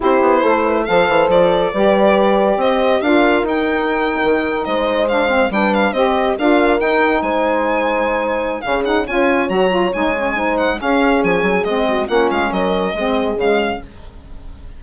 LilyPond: <<
  \new Staff \with { instrumentName = "violin" } { \time 4/4 \tempo 4 = 139 c''2 f''4 d''4~ | d''2 dis''4 f''4 | g''2~ g''8. dis''4 f''16~ | f''8. g''8 f''8 dis''4 f''4 g''16~ |
g''8. gis''2.~ gis''16 | f''8 fis''8 gis''4 ais''4 gis''4~ | gis''8 fis''8 f''4 gis''4 dis''4 | fis''8 f''8 dis''2 f''4 | }
  \new Staff \with { instrumentName = "horn" } { \time 4/4 g'4 a'8 b'8 c''2 | b'2 c''4 ais'4~ | ais'2~ ais'8. c''4~ c''16~ | c''8. b'4 c''4 ais'4~ ais'16~ |
ais'8. c''2.~ c''16 | gis'4 cis''2. | c''4 gis'2~ gis'8 fis'8 | f'4 ais'4 gis'2 | }
  \new Staff \with { instrumentName = "saxophone" } { \time 4/4 e'2 a'2 | g'2. f'4 | dis'2.~ dis'8. d'16~ | d'16 c'8 d'4 g'4 f'4 dis'16~ |
dis'1 | cis'8 dis'8 f'4 fis'8 f'8 dis'8 cis'8 | dis'4 cis'2 c'4 | cis'2 c'4 gis4 | }
  \new Staff \with { instrumentName = "bassoon" } { \time 4/4 c'8 b8 a4 f8 e8 f4 | g2 c'4 d'4 | dis'4.~ dis'16 dis4 gis4~ gis16~ | gis8. g4 c'4 d'4 dis'16~ |
dis'8. gis2.~ gis16 | cis4 cis'4 fis4 gis4~ | gis4 cis'4 f8 fis8 gis4 | ais8 gis8 fis4 gis4 cis4 | }
>>